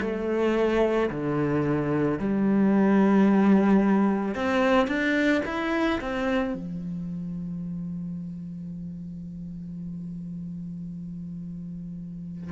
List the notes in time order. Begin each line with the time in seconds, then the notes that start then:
0.00 A3
1.10 D3
2.19 G3
4.34 C4
4.87 D4
5.45 E4
6.00 C4
6.54 F3